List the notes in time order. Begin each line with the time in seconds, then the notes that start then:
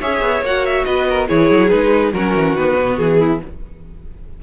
0.00 C#4 G#4 C#5 E5
0.21 B3
0.42 A#3 F#4 F#5
0.66 E5
0.84 B3 B4 D#5
1.10 A#4
1.28 E3 E4 G#4 C#5
1.51 F#3
1.69 G#3 D#4 B4
2.13 F#3 C#4 F#4 A#4
2.35 E3
2.54 D#3 B3 B4
2.77 B2
2.97 E3 G#4
3.18 E4